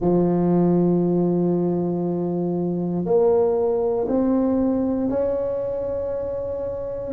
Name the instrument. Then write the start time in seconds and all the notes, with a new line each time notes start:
tuba
0.00 F3
3.05 A#3
4.08 C4
5.10 C#4